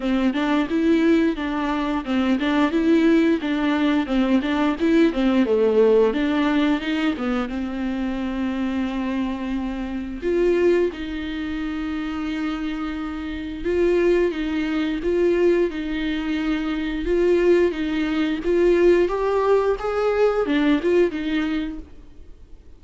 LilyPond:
\new Staff \with { instrumentName = "viola" } { \time 4/4 \tempo 4 = 88 c'8 d'8 e'4 d'4 c'8 d'8 | e'4 d'4 c'8 d'8 e'8 c'8 | a4 d'4 dis'8 b8 c'4~ | c'2. f'4 |
dis'1 | f'4 dis'4 f'4 dis'4~ | dis'4 f'4 dis'4 f'4 | g'4 gis'4 d'8 f'8 dis'4 | }